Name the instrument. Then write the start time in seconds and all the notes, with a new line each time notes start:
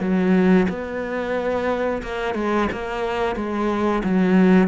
cello
0.00 F#3
0.69 B3
2.02 A#3
2.34 G#3
2.72 A#3
3.36 G#3
4.03 F#3